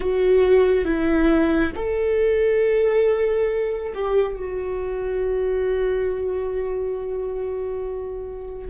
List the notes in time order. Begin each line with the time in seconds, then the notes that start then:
0.00 F#4
0.84 E4
1.75 A4
3.94 G4
4.36 F#4